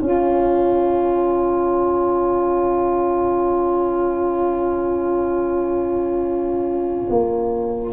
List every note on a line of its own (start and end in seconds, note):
0.00 7.07 C#4
0.00 7.93 F4
0.00 7.93 C#5
0.00 7.93 G#5
7.10 7.93 A#3